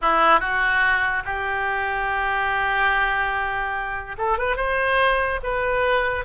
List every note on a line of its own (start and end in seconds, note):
0.01 0.40 E4
0.40 1.23 F#4
1.24 4.16 G4
4.17 4.37 A4
4.37 4.56 B4
4.56 5.39 C5
5.43 6.25 B4